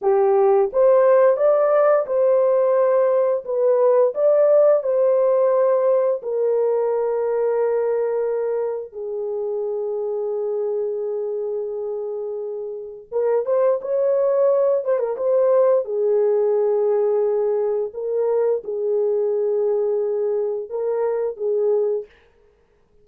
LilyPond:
\new Staff \with { instrumentName = "horn" } { \time 4/4 \tempo 4 = 87 g'4 c''4 d''4 c''4~ | c''4 b'4 d''4 c''4~ | c''4 ais'2.~ | ais'4 gis'2.~ |
gis'2. ais'8 c''8 | cis''4. c''16 ais'16 c''4 gis'4~ | gis'2 ais'4 gis'4~ | gis'2 ais'4 gis'4 | }